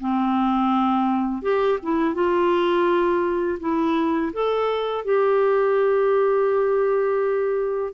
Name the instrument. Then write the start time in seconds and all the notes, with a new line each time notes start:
clarinet
0.00 C4
1.42 G4
1.83 E4
2.14 F4
3.60 E4
4.33 A4
5.04 G4